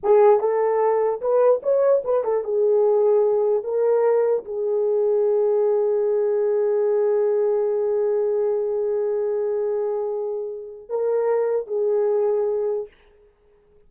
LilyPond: \new Staff \with { instrumentName = "horn" } { \time 4/4 \tempo 4 = 149 gis'4 a'2 b'4 | cis''4 b'8 a'8 gis'2~ | gis'4 ais'2 gis'4~ | gis'1~ |
gis'1~ | gis'1~ | gis'2. ais'4~ | ais'4 gis'2. | }